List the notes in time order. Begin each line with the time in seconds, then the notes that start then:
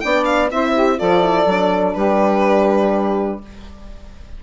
0.00 B3 D4 D5 G5
0.24 F5
0.51 C4 E4 C5 E5
0.73 G4
0.98 F3 F4 A4 D5
1.21 E4
1.46 F#3 D4
1.94 G3 G4 B4